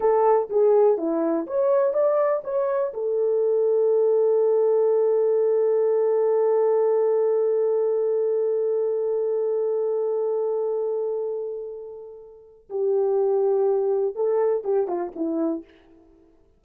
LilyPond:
\new Staff \with { instrumentName = "horn" } { \time 4/4 \tempo 4 = 123 a'4 gis'4 e'4 cis''4 | d''4 cis''4 a'2~ | a'1~ | a'1~ |
a'1~ | a'1~ | a'2 g'2~ | g'4 a'4 g'8 f'8 e'4 | }